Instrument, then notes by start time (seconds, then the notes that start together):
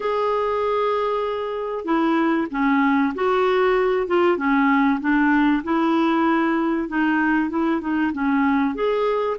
clarinet
0.00 G#4
1.84 E4
2.51 C#4
3.14 F#4
4.07 F4
4.37 C#4
5.00 D4
5.63 E4
6.88 D#4
7.49 E4
7.80 D#4
8.12 C#4
8.74 G#4